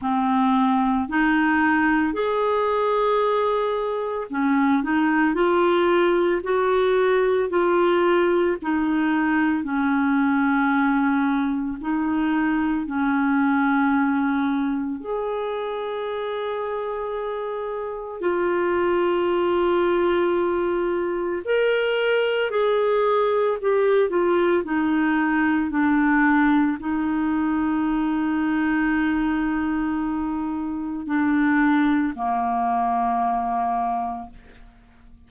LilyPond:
\new Staff \with { instrumentName = "clarinet" } { \time 4/4 \tempo 4 = 56 c'4 dis'4 gis'2 | cis'8 dis'8 f'4 fis'4 f'4 | dis'4 cis'2 dis'4 | cis'2 gis'2~ |
gis'4 f'2. | ais'4 gis'4 g'8 f'8 dis'4 | d'4 dis'2.~ | dis'4 d'4 ais2 | }